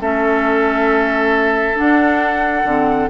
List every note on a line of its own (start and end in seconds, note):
0.00 1.77 A3
0.00 1.74 C#4
0.00 3.09 A4
0.00 1.77 E5
1.74 2.62 D4
1.74 2.64 D4
1.74 3.09 F#5
2.64 3.08 D3
2.64 3.09 C4